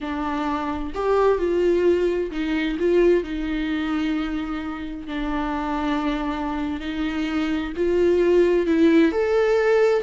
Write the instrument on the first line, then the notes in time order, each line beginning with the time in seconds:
viola
0.01 D4
0.94 G4
1.38 F4
2.31 D#4
2.79 F4
3.23 D#4
5.07 D4
6.80 D#4
7.76 F4
8.66 E4
9.12 A4